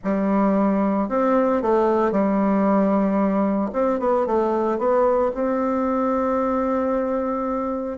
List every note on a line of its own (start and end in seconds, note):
0.04 1.08 G3
1.08 1.61 C4
1.62 2.11 A3
2.11 3.70 G3
3.72 3.99 C4
3.99 4.26 B3
4.26 4.78 A3
4.78 5.31 B3
5.34 7.98 C4